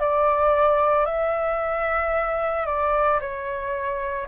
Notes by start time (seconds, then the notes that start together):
0.00 D5
1.06 E5
2.66 D5
3.20 C#5